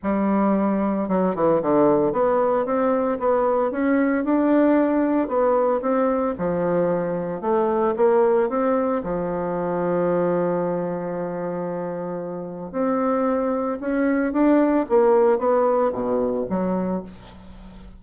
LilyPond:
\new Staff \with { instrumentName = "bassoon" } { \time 4/4 \tempo 4 = 113 g2 fis8 e8 d4 | b4 c'4 b4 cis'4 | d'2 b4 c'4 | f2 a4 ais4 |
c'4 f2.~ | f1 | c'2 cis'4 d'4 | ais4 b4 b,4 fis4 | }